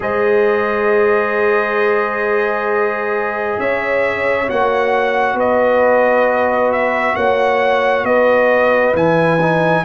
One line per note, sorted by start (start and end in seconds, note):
0.00 3.56 G#3
0.00 4.46 G#4
0.00 3.59 C5
0.00 3.59 D#5
3.59 4.48 C#4
3.59 5.35 C#5
3.59 4.49 E5
4.47 5.34 A#3
4.47 8.94 F#4
4.47 5.39 F#5
5.34 7.13 B3
5.34 7.15 B4
5.34 6.72 D#5
6.72 7.15 E5
7.15 8.03 A#3
7.15 8.05 C#5
7.15 8.05 F#5
8.03 8.93 B3
8.03 9.84 B4
8.03 8.94 D#5
8.93 9.83 E3
8.93 9.39 E4
8.93 9.85 G#5
9.40 9.85 D#4